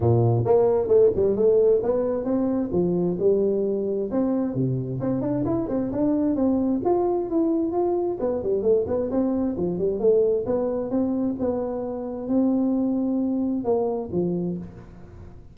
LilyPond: \new Staff \with { instrumentName = "tuba" } { \time 4/4 \tempo 4 = 132 ais,4 ais4 a8 g8 a4 | b4 c'4 f4 g4~ | g4 c'4 c4 c'8 d'8 | e'8 c'8 d'4 c'4 f'4 |
e'4 f'4 b8 g8 a8 b8 | c'4 f8 g8 a4 b4 | c'4 b2 c'4~ | c'2 ais4 f4 | }